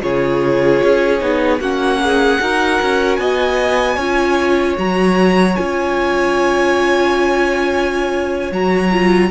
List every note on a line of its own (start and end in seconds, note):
0.00 0.81 C#3
0.00 1.18 F4
0.00 1.60 G#4
0.00 1.60 C#5
0.83 1.21 C#4
1.20 1.59 B3
1.20 1.59 D#4
1.59 2.38 A#3
1.59 2.40 C#4
1.59 1.99 F#4
1.59 3.16 F#5
2.02 2.41 G#4
2.40 2.80 D#4
2.40 3.98 F#4
2.40 3.20 A#4
2.81 3.18 C#4
3.16 3.97 B3
3.16 3.95 D#5
3.16 4.74 G#5
3.95 4.75 C#4
3.95 4.77 F4
3.95 9.28 C#5
4.77 5.56 F#3
4.77 5.56 F#4
4.77 5.55 A#5
5.55 8.51 C#4
5.55 8.51 F4
5.55 8.51 G#5
8.51 9.30 F#3
8.51 8.91 F#4
8.51 9.31 A#5
8.92 9.31 F4